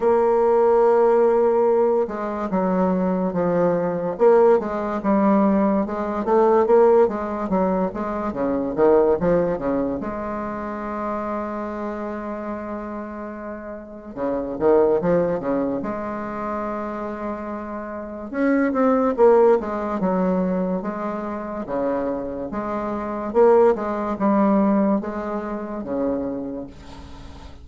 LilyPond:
\new Staff \with { instrumentName = "bassoon" } { \time 4/4 \tempo 4 = 72 ais2~ ais8 gis8 fis4 | f4 ais8 gis8 g4 gis8 a8 | ais8 gis8 fis8 gis8 cis8 dis8 f8 cis8 | gis1~ |
gis4 cis8 dis8 f8 cis8 gis4~ | gis2 cis'8 c'8 ais8 gis8 | fis4 gis4 cis4 gis4 | ais8 gis8 g4 gis4 cis4 | }